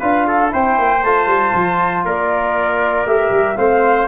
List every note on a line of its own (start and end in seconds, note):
0.00 0.53 D4
0.00 0.49 F4
0.00 0.26 B4
0.00 0.51 F5
0.28 0.53 A4
0.49 0.79 C4
0.49 1.00 E4
0.49 2.05 C5
0.49 1.04 G5
0.79 1.03 A#3
1.03 1.27 A3
1.03 3.07 F4
1.03 2.05 A5
1.27 1.52 G3
1.54 2.05 F3
2.05 3.05 A#3
2.05 3.58 A#4
2.05 3.07 D5
3.05 3.30 A3
3.05 3.56 G4
3.05 3.57 E5
3.31 3.56 G3
3.56 4.08 A3
3.56 4.07 C4
3.56 4.08 C5
3.56 4.07 F5